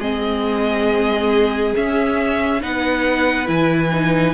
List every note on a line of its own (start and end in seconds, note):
0.00 1.74 G#3
0.00 1.74 C4
0.00 2.61 G#4
0.00 1.74 D#5
1.74 2.61 C#4
1.74 2.62 C#4
1.74 2.63 E5
2.61 3.48 B3
2.61 3.46 D#4
2.61 4.34 B4
2.61 3.48 F#5
3.46 4.34 E3
3.46 3.89 E4
3.46 4.34 G#5
3.92 4.34 D#4